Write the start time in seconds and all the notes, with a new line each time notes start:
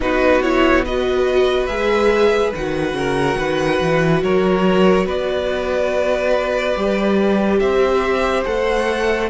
0.00 B3 D#4 F#4 B4
0.42 E4 C#5
0.85 F#4 B4 D#5
1.66 G#3 G#4 E5
2.54 D#3 F#4 F#5
2.93 C#3 A#4
3.37 D#3 B4
3.80 E3
4.22 F#3 A#4 C#5
5.05 B3 B4 D5
6.76 G3 G4
7.59 C4 C5 E5
8.45 A3 A4 F#5